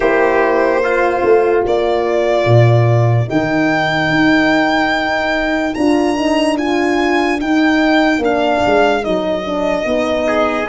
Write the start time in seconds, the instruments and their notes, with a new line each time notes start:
0.00 tuba A#3, horn E4, trumpet G4, violin C5
0.82 horn F4, trumpet F4
1.23 tuba A3
1.65 tuba A#3, trumpet A#4, violin D5
2.45 tuba A#2
3.27 tuba D#3, horn D#4, violin G5
4.09 tuba D#4
5.74 tuba D4, horn F4, violin A#5
6.16 horn D#4
6.58 horn F4, violin G#5
7.40 tuba D#4, horn D#4, violin G5
8.18 tuba A#3, horn D4
8.24 violin F5
8.66 tuba G#3
9.02 tuba F#3, horn D#4, violin D#5
9.45 horn D4
9.85 tuba B3, horn D#4
10.27 trumpet G#4